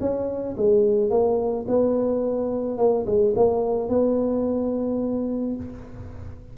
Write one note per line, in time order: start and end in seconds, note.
0.00 0.56 C#4
0.57 1.10 G#3
1.10 1.66 A#3
1.68 2.78 B3
2.78 3.05 A#3
3.06 3.34 G#3
3.36 3.89 A#3
3.89 5.56 B3